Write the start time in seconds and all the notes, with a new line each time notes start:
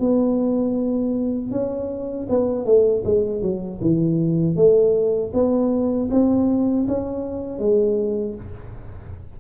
0.00 B3
1.51 C#4
2.29 B3
2.65 A3
3.05 G#3
3.42 F#3
3.81 E3
4.56 A3
5.33 B3
6.11 C4
6.88 C#4
7.59 G#3